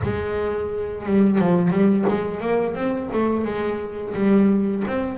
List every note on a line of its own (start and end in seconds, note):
0.03 1.06 G#3
1.06 1.39 G3
1.39 1.70 F3
1.70 2.05 G3
2.08 2.40 G#3
2.40 2.74 A#3
2.74 3.09 C4
3.12 3.44 A3
3.44 4.13 G#3
4.14 4.83 G3
4.87 5.18 C4